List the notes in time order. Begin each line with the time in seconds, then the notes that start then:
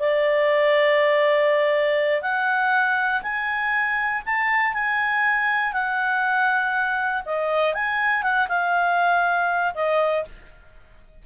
0.00 D5
2.22 F#5
3.23 G#5
4.26 A5
4.74 G#5
5.73 F#5
7.26 D#5
7.75 G#5
8.23 F#5
8.49 F5
9.75 D#5